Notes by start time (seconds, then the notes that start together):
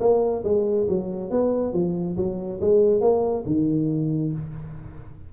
0.00 A#3
0.44 G#3
0.89 F#3
1.30 B3
1.73 F3
2.17 F#3
2.61 G#3
3.01 A#3
3.46 D#3